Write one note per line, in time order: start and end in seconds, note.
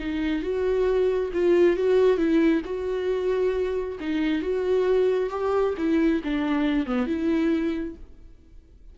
0.00 0.42 D#4
0.42 1.31 F#4
1.34 1.77 F4
1.77 2.18 F#4
2.18 2.62 E4
2.65 3.99 F#4
4.00 4.42 D#4
4.42 5.30 F#4
5.30 5.75 G4
5.78 6.22 E4
6.24 6.87 D4
6.87 7.07 B3
7.07 7.96 E4